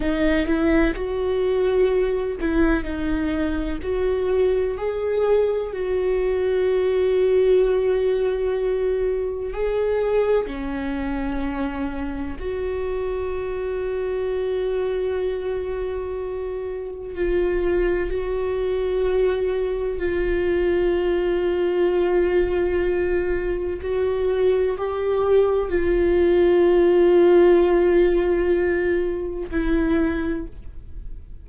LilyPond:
\new Staff \with { instrumentName = "viola" } { \time 4/4 \tempo 4 = 63 dis'8 e'8 fis'4. e'8 dis'4 | fis'4 gis'4 fis'2~ | fis'2 gis'4 cis'4~ | cis'4 fis'2.~ |
fis'2 f'4 fis'4~ | fis'4 f'2.~ | f'4 fis'4 g'4 f'4~ | f'2. e'4 | }